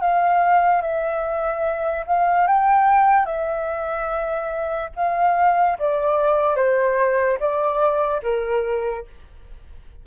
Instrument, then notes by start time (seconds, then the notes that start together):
flute
0.00 F5
0.81 E5
2.06 F5
2.47 G5
3.25 E5
4.95 F5
5.78 D5
6.56 C5
7.39 D5
8.22 A#4